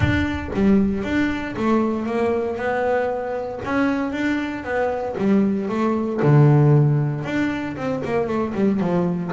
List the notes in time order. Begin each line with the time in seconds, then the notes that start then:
0.00 D4
0.54 G3
1.03 D4
1.56 A3
2.06 A#3
2.56 B3
3.64 C#4
4.12 D4
4.63 B3
5.17 G3
5.68 A3
6.22 D3
7.24 D4
7.76 C4
8.04 A#3
8.27 A3
8.54 G3
8.80 F3